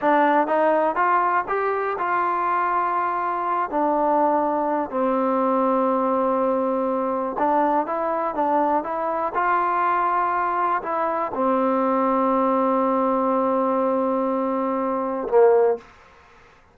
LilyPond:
\new Staff \with { instrumentName = "trombone" } { \time 4/4 \tempo 4 = 122 d'4 dis'4 f'4 g'4 | f'2.~ f'8 d'8~ | d'2 c'2~ | c'2. d'4 |
e'4 d'4 e'4 f'4~ | f'2 e'4 c'4~ | c'1~ | c'2. ais4 | }